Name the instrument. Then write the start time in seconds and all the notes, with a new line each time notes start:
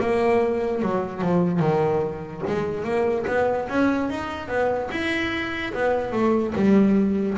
double bass
0.00 A#3
0.82 F#3
1.21 F3
1.60 D#3
2.47 G#3
2.84 A#3
3.27 B3
3.69 C#4
4.10 D#4
4.48 B3
4.91 E4
5.73 B3
6.12 A3
6.55 G3